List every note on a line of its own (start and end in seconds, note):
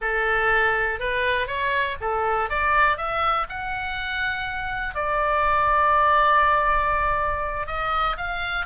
0.01 0.99 A4
0.99 1.47 B4
1.47 1.96 C#5
2.00 2.49 A4
2.49 2.97 D5
2.97 3.46 E5
3.49 4.94 F#5
4.94 7.66 D5
7.66 8.16 D#5
8.17 8.66 F5